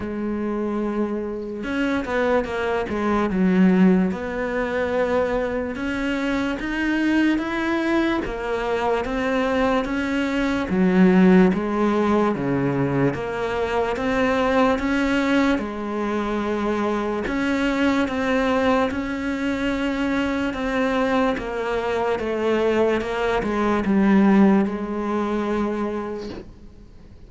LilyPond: \new Staff \with { instrumentName = "cello" } { \time 4/4 \tempo 4 = 73 gis2 cis'8 b8 ais8 gis8 | fis4 b2 cis'4 | dis'4 e'4 ais4 c'4 | cis'4 fis4 gis4 cis4 |
ais4 c'4 cis'4 gis4~ | gis4 cis'4 c'4 cis'4~ | cis'4 c'4 ais4 a4 | ais8 gis8 g4 gis2 | }